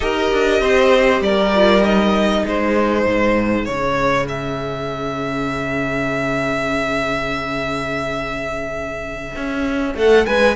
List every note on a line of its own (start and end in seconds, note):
0.00 0.31 D#4
0.00 1.53 G4
0.00 0.61 A#4
0.00 1.21 D#5
0.31 0.60 D4
0.60 1.21 C4
0.60 1.23 C5
1.21 2.43 G3
1.21 2.42 A#4
1.21 1.83 D5
1.55 1.82 F4
1.82 3.65 D#4
1.82 2.45 D#5
2.42 3.06 G#3
2.42 9.92 G#4
2.42 3.65 C5
3.06 3.67 G#2
3.65 9.34 C#3
3.65 10.54 C#4
3.65 4.26 C#5
4.28 9.94 E5
9.35 9.94 C#4
9.94 10.25 A3
9.94 10.26 A4
9.94 10.26 F#5
10.26 10.56 G#3
10.26 10.56 B4
10.26 10.56 G#5